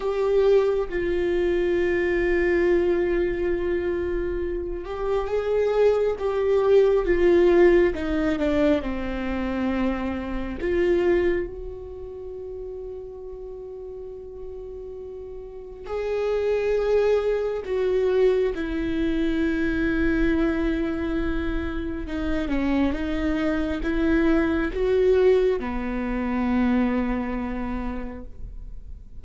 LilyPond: \new Staff \with { instrumentName = "viola" } { \time 4/4 \tempo 4 = 68 g'4 f'2.~ | f'4. g'8 gis'4 g'4 | f'4 dis'8 d'8 c'2 | f'4 fis'2.~ |
fis'2 gis'2 | fis'4 e'2.~ | e'4 dis'8 cis'8 dis'4 e'4 | fis'4 b2. | }